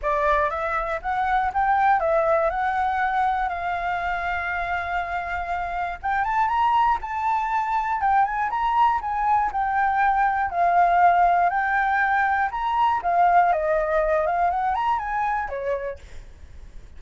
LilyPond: \new Staff \with { instrumentName = "flute" } { \time 4/4 \tempo 4 = 120 d''4 e''4 fis''4 g''4 | e''4 fis''2 f''4~ | f''1 | g''8 a''8 ais''4 a''2 |
g''8 gis''8 ais''4 gis''4 g''4~ | g''4 f''2 g''4~ | g''4 ais''4 f''4 dis''4~ | dis''8 f''8 fis''8 ais''8 gis''4 cis''4 | }